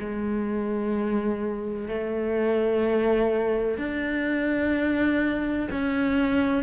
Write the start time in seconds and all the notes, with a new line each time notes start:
0.00 G#3
1.88 A3
3.78 D4
5.71 C#4